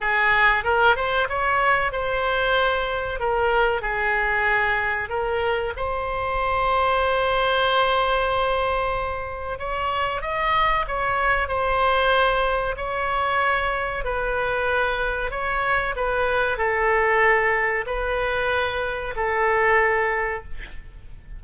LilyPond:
\new Staff \with { instrumentName = "oboe" } { \time 4/4 \tempo 4 = 94 gis'4 ais'8 c''8 cis''4 c''4~ | c''4 ais'4 gis'2 | ais'4 c''2.~ | c''2. cis''4 |
dis''4 cis''4 c''2 | cis''2 b'2 | cis''4 b'4 a'2 | b'2 a'2 | }